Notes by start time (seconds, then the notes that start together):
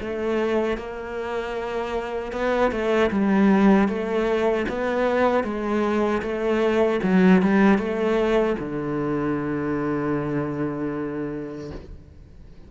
0.00 A3
0.77 A#3
2.32 B3
2.71 A3
3.10 G3
3.88 A3
4.69 B3
5.44 G#3
6.22 A3
7.03 F#3
7.42 G3
7.78 A3
8.59 D3